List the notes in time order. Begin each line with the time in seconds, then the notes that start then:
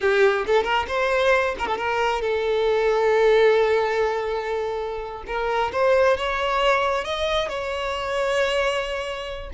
0.01 G4
0.46 A4
0.63 A#4
0.88 C5
1.59 A#4
1.67 A4
1.77 A#4
2.21 A4
5.27 A#4
5.72 C5
6.17 C#5
7.04 D#5
7.48 C#5